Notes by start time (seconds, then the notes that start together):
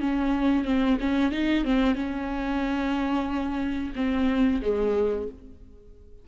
0.00 C#4
0.65 C4
1.00 C#4
1.32 D#4
1.65 C4
1.95 C#4
3.95 C4
4.62 G#3